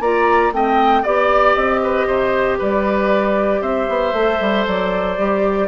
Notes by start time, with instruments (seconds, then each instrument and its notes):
0.00 bassoon A#3, clarinet F4, oboe D5, flute A#5
0.52 bassoon A3, clarinet C4, oboe D#5, flute G5
1.02 bassoon B3, clarinet G4, oboe D5, flute D5
1.54 bassoon C4, flute D#5
1.83 oboe B4
2.07 bassoon C3, oboe C5
2.58 bassoon G3, oboe B4, flute D5
3.61 bassoon C4, oboe C5, flute E5
3.89 bassoon B3
4.13 bassoon A3, clarinet A4
4.41 bassoon G3
4.67 bassoon F#3, flute D5
5.17 bassoon G3, clarinet G4